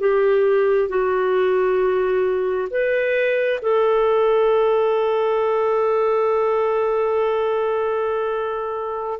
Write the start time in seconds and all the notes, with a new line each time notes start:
0.00 G4
0.90 F#4
2.71 B4
3.62 A4